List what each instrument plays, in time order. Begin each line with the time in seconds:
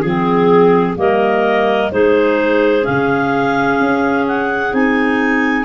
0.00 tuba F3, clarinet C4 G#4
0.95 tuba G3, clarinet A#3 A#4 D#5
1.91 tuba G#3, clarinet D#4 G#4 C5
2.82 tuba C#3, clarinet C#4 F5
3.79 tuba C#4
4.27 clarinet F#5
4.71 tuba C4, clarinet D#4 G#5